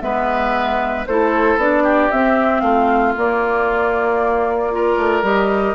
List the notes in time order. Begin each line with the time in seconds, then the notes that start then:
0.00 G#3 B3 B4 E5
1.06 A3 E4 A4 C5
1.56 B3 D4 D5
1.83 G4
2.11 C4 E5
2.60 A3 F4 F5
3.16 A#3 D5
4.70 F4 A#4
4.97 A3
5.22 G3 G4 D#5